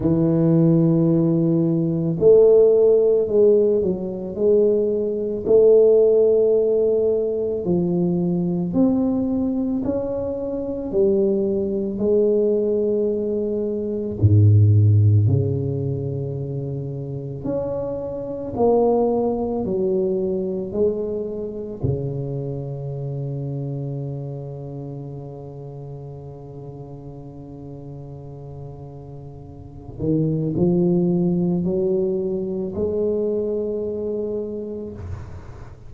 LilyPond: \new Staff \with { instrumentName = "tuba" } { \time 4/4 \tempo 4 = 55 e2 a4 gis8 fis8 | gis4 a2 f4 | c'4 cis'4 g4 gis4~ | gis4 gis,4 cis2 |
cis'4 ais4 fis4 gis4 | cis1~ | cis2.~ cis8 dis8 | f4 fis4 gis2 | }